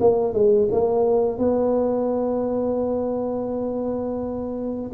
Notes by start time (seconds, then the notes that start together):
0.00 A#3
0.33 G#3
0.71 A#3
1.38 B3